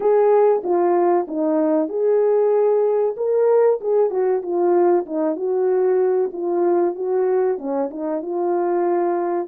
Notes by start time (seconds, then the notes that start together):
0.00 G#4
0.63 F4
1.27 D#4
1.89 G#4
3.16 A#4
3.80 G#4
4.10 F#4
4.42 F4
5.06 D#4
5.35 F#4
6.32 F4
6.95 F#4
7.58 C#4
7.90 D#4
8.22 F4